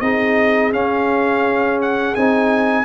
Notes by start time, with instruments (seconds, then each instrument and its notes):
0.00 tuba C4, trombone D#4, horn G#4, trumpet D#5
0.72 tuba C#4, trombone C#4, trumpet F5
1.81 trumpet F#5
2.15 tuba C4, trombone D#4, trumpet G#5